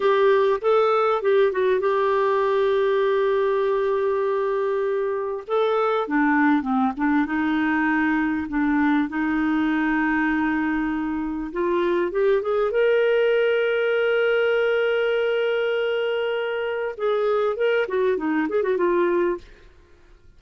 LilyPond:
\new Staff \with { instrumentName = "clarinet" } { \time 4/4 \tempo 4 = 99 g'4 a'4 g'8 fis'8 g'4~ | g'1~ | g'4 a'4 d'4 c'8 d'8 | dis'2 d'4 dis'4~ |
dis'2. f'4 | g'8 gis'8 ais'2.~ | ais'1 | gis'4 ais'8 fis'8 dis'8 gis'16 fis'16 f'4 | }